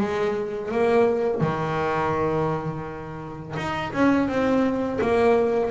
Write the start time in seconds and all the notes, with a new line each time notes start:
0.00 G#3
0.71 A#3
1.41 D#3
3.56 D#4
3.93 C#4
4.28 C4
5.01 A#3